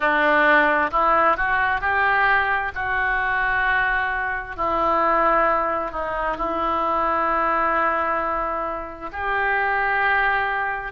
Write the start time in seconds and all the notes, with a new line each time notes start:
0.00 D4
0.91 E4
1.36 F#4
1.81 G4
2.74 F#4
4.56 E4
5.91 D#4
6.37 E4
9.12 G4